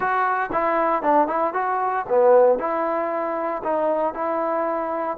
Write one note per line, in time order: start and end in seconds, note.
0.00 0.49 F#4
0.52 1.02 E4
1.02 1.27 D4
1.27 1.53 E4
1.53 2.05 F#4
2.09 2.58 B3
2.58 3.62 E4
3.63 4.14 D#4
4.14 5.17 E4